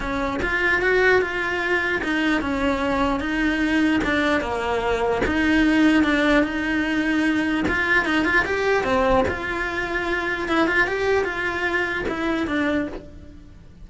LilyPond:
\new Staff \with { instrumentName = "cello" } { \time 4/4 \tempo 4 = 149 cis'4 f'4 fis'4 f'4~ | f'4 dis'4 cis'2 | dis'2 d'4 ais4~ | ais4 dis'2 d'4 |
dis'2. f'4 | dis'8 f'8 g'4 c'4 f'4~ | f'2 e'8 f'8 g'4 | f'2 e'4 d'4 | }